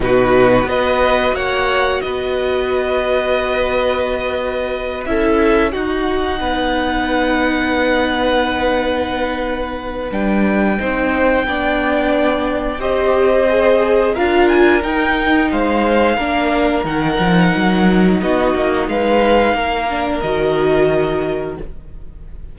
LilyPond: <<
  \new Staff \with { instrumentName = "violin" } { \time 4/4 \tempo 4 = 89 b'4 dis''4 fis''4 dis''4~ | dis''2.~ dis''8 e''8~ | e''8 fis''2.~ fis''8~ | fis''2. g''4~ |
g''2. dis''4~ | dis''4 f''8 gis''8 g''4 f''4~ | f''4 fis''2 dis''4 | f''2 dis''2 | }
  \new Staff \with { instrumentName = "violin" } { \time 4/4 fis'4 b'4 cis''4 b'4~ | b'2.~ b'8 a'8~ | a'8 fis'4 b'2~ b'8~ | b'1 |
c''4 d''2 c''4~ | c''4 ais'2 c''4 | ais'2. fis'4 | b'4 ais'2. | }
  \new Staff \with { instrumentName = "viola" } { \time 4/4 dis'4 fis'2.~ | fis'2.~ fis'8 e'8~ | e'8 dis'2.~ dis'8~ | dis'2. d'4 |
dis'4 d'2 g'4 | gis'4 f'4 dis'2 | d'4 dis'2.~ | dis'4. d'8 fis'2 | }
  \new Staff \with { instrumentName = "cello" } { \time 4/4 b,4 b4 ais4 b4~ | b2.~ b8 cis'8~ | cis'8 dis'4 b2~ b8~ | b2. g4 |
c'4 b2 c'4~ | c'4 d'4 dis'4 gis4 | ais4 dis8 f8 fis4 b8 ais8 | gis4 ais4 dis2 | }
>>